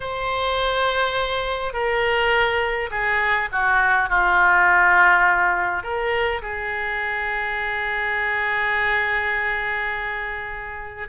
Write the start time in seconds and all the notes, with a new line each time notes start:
0.00 C5
1.73 A#4
2.90 G#4
3.52 F#4
4.09 F4
5.83 A#4
6.42 G#4